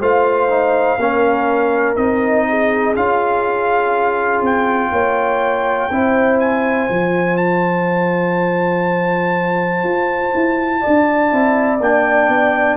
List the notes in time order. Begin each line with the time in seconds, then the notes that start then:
0.00 A3 F4 C5 F5
0.49 D#4
0.97 A#3 C#4 A#4
1.96 C4 D#4 D#5
2.49 G#4
2.95 C#4 F4 F5
4.41 C4 G5
4.91 A#3 C#5
5.90 C4 E4 C5
6.40 G#5
6.89 F3 F4
7.37 A5
9.84 F4
10.34 E4
10.81 D5
10.87 D4
11.30 C4 E4
11.80 A#3 D4 G5
12.28 B3